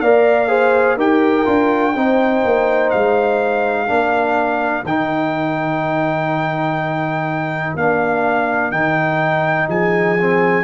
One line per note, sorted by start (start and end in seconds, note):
0.00 0.96 A#3
0.00 0.48 A#4
0.00 0.49 D5
0.00 0.97 F5
0.48 0.96 G#4
0.48 0.96 C5
0.96 1.45 D#4
0.96 1.45 G4
0.96 1.93 A#4
0.96 2.90 G5
1.45 1.95 D4
1.45 1.93 F4
1.95 2.43 C4
1.95 3.86 D#4
1.95 3.88 C5
2.44 2.92 A#3
2.90 3.89 G#3
2.90 4.83 F5
3.86 4.83 A#3
3.86 4.83 D4
3.86 9.68 A#4
4.83 7.74 D#3
4.83 7.78 D#4
4.83 7.76 G5
7.75 8.71 A#3
7.75 8.72 D4
7.75 8.71 F5
8.71 9.68 D#3
8.71 10.17 D#4
8.71 9.68 G5
9.68 10.63 F3
9.68 10.63 G#4
9.68 10.63 G#5
10.18 10.63 C4